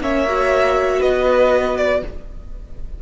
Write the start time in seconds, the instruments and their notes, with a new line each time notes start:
0.00 cello A#3, viola C#4, violin C#5 E5
0.27 viola F#4
0.99 cello B3, violin B4 D#5
1.77 violin D5